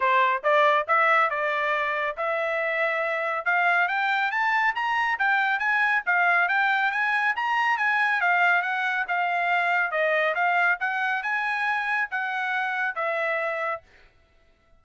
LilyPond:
\new Staff \with { instrumentName = "trumpet" } { \time 4/4 \tempo 4 = 139 c''4 d''4 e''4 d''4~ | d''4 e''2. | f''4 g''4 a''4 ais''4 | g''4 gis''4 f''4 g''4 |
gis''4 ais''4 gis''4 f''4 | fis''4 f''2 dis''4 | f''4 fis''4 gis''2 | fis''2 e''2 | }